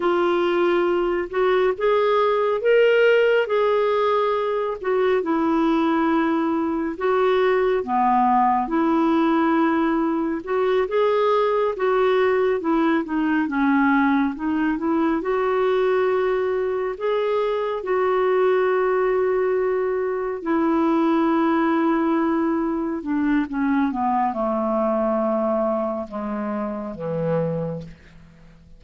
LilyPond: \new Staff \with { instrumentName = "clarinet" } { \time 4/4 \tempo 4 = 69 f'4. fis'8 gis'4 ais'4 | gis'4. fis'8 e'2 | fis'4 b4 e'2 | fis'8 gis'4 fis'4 e'8 dis'8 cis'8~ |
cis'8 dis'8 e'8 fis'2 gis'8~ | gis'8 fis'2. e'8~ | e'2~ e'8 d'8 cis'8 b8 | a2 gis4 e4 | }